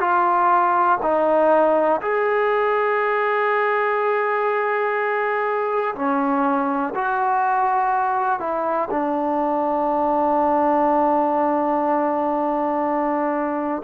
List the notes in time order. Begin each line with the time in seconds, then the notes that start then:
0.00 F4
1.03 D#4
2.02 G#4
5.96 C#4
6.95 F#4
8.40 E4
8.91 D4